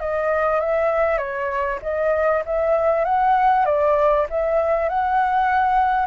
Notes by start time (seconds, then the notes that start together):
0.00 D#5
0.60 E5
1.18 C#5
1.82 D#5
2.45 E5
3.04 F#5
3.65 D5
4.30 E5
4.89 F#5